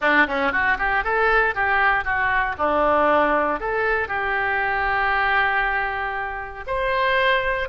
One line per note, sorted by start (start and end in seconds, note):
0.01 0.26 D4
0.27 0.52 C#4
0.52 0.77 F#4
0.78 1.03 G4
1.03 1.54 A4
1.54 2.04 G4
2.04 2.55 F#4
2.58 3.60 D4
3.60 4.08 A4
4.08 6.64 G4
6.67 7.68 C5